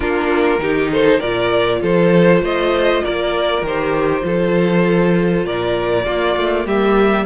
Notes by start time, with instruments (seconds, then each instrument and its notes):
0.00 cello A#3, viola D4, violin F4 A#4
0.59 cello D#3, viola D#4, violin G4
0.91 violin A4 C5
1.18 cello A#2, viola F4, violin A#4 D5
1.82 cello F3, violin A4 C5
2.41 cello A3, violin C5 D#5
3.03 cello A#3, violin A#4 D5
3.61 cello D#3, viola G4, violin C5
4.22 cello F3, viola F4, violin A4
5.45 cello A#2, violin A#4 D5
6.05 cello A#3, viola A#3, violin F4
6.36 cello A3
6.65 cello G3, violin G4 E5